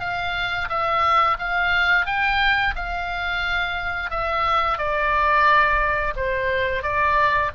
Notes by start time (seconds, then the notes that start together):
0.00 F5
0.69 E5
1.39 F5
2.06 G5
2.76 F5
4.10 E5
4.78 D5
6.16 C5
6.82 D5